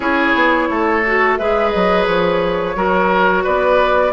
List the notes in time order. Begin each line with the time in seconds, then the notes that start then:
0.00 C#4 E4 G#4 C#5
0.34 B3
0.69 A3 A4
1.06 F#4
1.36 G#3 G#4 B4 E5
1.69 F#3 D#5
2.06 F3 C#5
2.75 F#3 F#4 A#4
3.43 B3 B4 D5